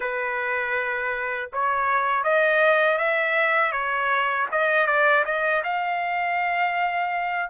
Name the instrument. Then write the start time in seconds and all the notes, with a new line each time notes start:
trumpet
0.00 B4
1.52 C#5
2.23 D#5
2.98 E5
3.72 C#5
4.51 D#5
4.86 D5
5.25 D#5
5.63 F5